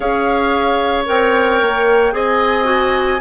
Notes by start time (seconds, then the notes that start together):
0.00 C#4 G#4 C#5 F5
1.05 C4 A#4 G5
1.61 A#3
2.12 C4 G#4 D#5 G#5
2.64 F#4